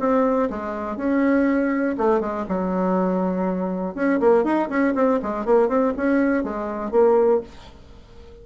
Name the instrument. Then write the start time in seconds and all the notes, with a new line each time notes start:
bassoon
0.00 C4
0.50 G#3
0.97 C#4
1.98 A3
2.21 G#3
2.49 F#3
3.95 C#4
4.21 A#3
4.44 D#4
4.69 C#4
4.95 C4
5.23 G#3
5.45 A#3
5.69 C4
5.97 C#4
6.44 G#3
6.92 A#3